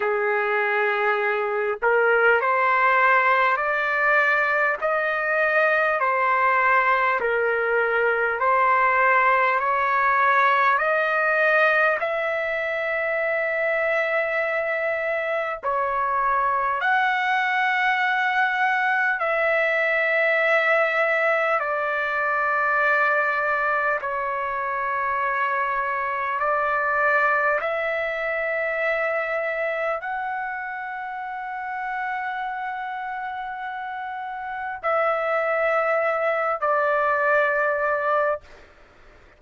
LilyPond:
\new Staff \with { instrumentName = "trumpet" } { \time 4/4 \tempo 4 = 50 gis'4. ais'8 c''4 d''4 | dis''4 c''4 ais'4 c''4 | cis''4 dis''4 e''2~ | e''4 cis''4 fis''2 |
e''2 d''2 | cis''2 d''4 e''4~ | e''4 fis''2.~ | fis''4 e''4. d''4. | }